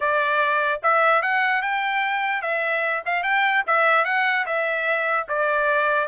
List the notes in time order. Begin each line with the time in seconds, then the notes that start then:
0.00 D5
0.83 E5
1.22 F#5
1.62 G5
2.42 E5
3.05 F5
3.23 G5
3.67 E5
4.04 F#5
4.45 E5
5.28 D5